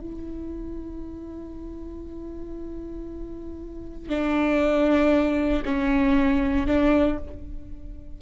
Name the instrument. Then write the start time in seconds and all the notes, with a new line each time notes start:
viola
0.00 E4
4.09 D4
5.65 C#4
6.67 D4